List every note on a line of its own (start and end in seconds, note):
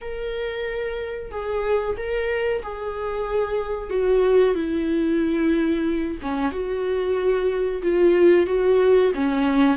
0.01 1.31 A#4
1.31 1.96 G#4
1.97 2.62 A#4
2.62 3.90 G#4
3.90 4.54 F#4
4.54 6.17 E4
6.21 6.51 C#4
6.51 7.82 F#4
7.82 8.46 F4
8.46 9.12 F#4
9.14 9.76 C#4